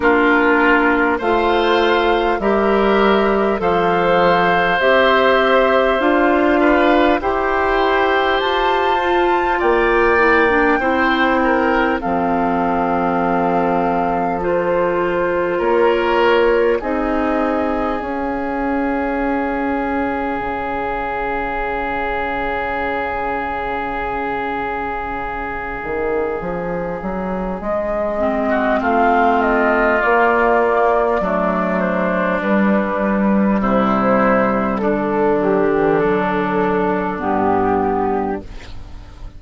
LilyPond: <<
  \new Staff \with { instrumentName = "flute" } { \time 4/4 \tempo 4 = 50 ais'4 f''4 e''4 f''4 | e''4 f''4 g''4 a''4 | g''2 f''2 | c''4 cis''4 dis''4 f''4~ |
f''1~ | f''2. dis''4 | f''8 dis''8 d''4. c''8 b'4 | c''4 a'8 g'8 a'4 g'4 | }
  \new Staff \with { instrumentName = "oboe" } { \time 4/4 f'4 c''4 ais'4 c''4~ | c''4. b'8 c''2 | d''4 c''8 ais'8 a'2~ | a'4 ais'4 gis'2~ |
gis'1~ | gis'2.~ gis'8. fis'16 | f'2 d'2 | e'4 d'2. | }
  \new Staff \with { instrumentName = "clarinet" } { \time 4/4 d'4 f'4 g'4 a'4 | g'4 f'4 g'4. f'8~ | f'8 e'16 d'16 e'4 c'2 | f'2 dis'4 cis'4~ |
cis'1~ | cis'2.~ cis'8 c'8~ | c'4 ais4 a4 g4~ | g4. fis16 e16 fis4 b4 | }
  \new Staff \with { instrumentName = "bassoon" } { \time 4/4 ais4 a4 g4 f4 | c'4 d'4 e'4 f'4 | ais4 c'4 f2~ | f4 ais4 c'4 cis'4~ |
cis'4 cis2.~ | cis4. dis8 f8 fis8 gis4 | a4 ais4 fis4 g4 | c4 d2 g,4 | }
>>